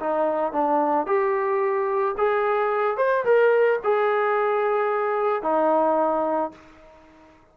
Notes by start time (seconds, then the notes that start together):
0.00 D#4
0.52 D4
1.06 G4
2.17 G#4
2.97 C5
3.25 A#4
3.84 G#4
5.42 D#4